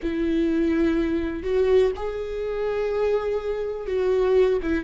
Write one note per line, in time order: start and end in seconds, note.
0.02 1.43 E4
1.43 1.91 F#4
1.96 3.87 G#4
3.87 4.59 F#4
4.62 4.84 E4